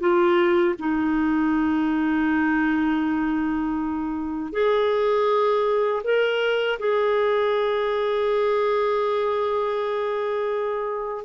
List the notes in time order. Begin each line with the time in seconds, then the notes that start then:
0.00 F4
0.79 D#4
4.52 G#4
6.04 A#4
6.79 G#4